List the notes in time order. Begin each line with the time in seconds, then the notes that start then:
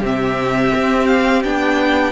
0.00 C3 C4 G4
0.06 E5
0.74 C4
1.07 F5
1.44 B3 D4 G5